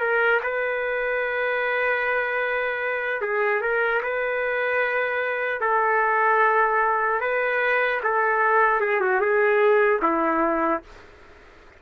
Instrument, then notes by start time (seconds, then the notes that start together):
trumpet
0.00 A#4
0.43 B4
3.21 G#4
3.61 A#4
4.03 B4
5.60 A4
7.21 B4
8.03 A4
8.81 G#4
9.00 F#4
9.21 G#4
10.02 E4